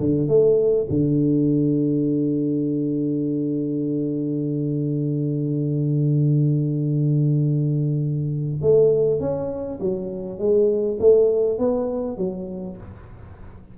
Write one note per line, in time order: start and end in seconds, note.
0.00 0.28 D3
0.28 0.88 A3
0.90 8.62 D3
8.62 9.20 A3
9.20 9.79 C#4
9.80 10.39 F#3
10.39 10.98 G#3
11.00 11.58 A3
11.58 12.18 B3
12.18 12.77 F#3